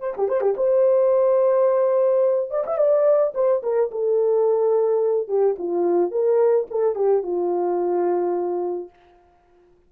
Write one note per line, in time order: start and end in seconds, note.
0.00 0.14 C5
0.17 0.28 G4
0.28 0.41 C5
0.41 0.55 G4
0.57 2.50 C5
2.50 2.64 D5
2.66 2.78 E5
2.78 3.33 D5
3.34 3.62 C5
3.63 3.90 A#4
3.91 5.28 A4
5.28 5.56 G4
5.59 6.11 F4
6.11 6.67 A#4
6.70 6.95 A4
6.95 7.23 G4
7.23 8.89 F4